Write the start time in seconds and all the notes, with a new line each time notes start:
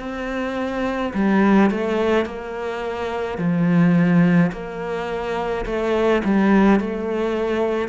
0.00 C4
1.14 G3
1.70 A3
2.26 A#3
3.39 F3
4.52 A#3
5.66 A3
6.25 G3
6.80 A3